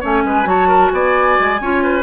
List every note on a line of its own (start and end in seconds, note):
0.00 0.24 A3
0.00 0.44 C#4
0.00 0.23 C#5
0.00 0.48 G#5
0.24 0.45 G#3
0.24 0.49 B4
0.44 0.90 F#3
0.44 1.57 F#4
0.44 0.68 C#5
0.44 0.90 A5
0.68 0.90 A#4
0.90 1.38 B3
0.90 1.61 D5
0.90 2.02 G#5
1.39 1.60 G#3
1.60 2.02 C#4
1.60 2.02 F4
1.60 1.83 C#5
1.83 2.02 B4